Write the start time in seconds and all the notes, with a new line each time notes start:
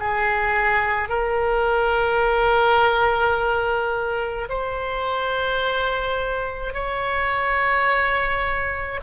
0.00 G#4
1.09 A#4
4.50 C5
6.74 C#5